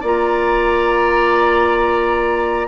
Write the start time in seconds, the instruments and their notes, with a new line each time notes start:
0.00 bassoon A#3, clarinet F4, oboe D5, flute A#5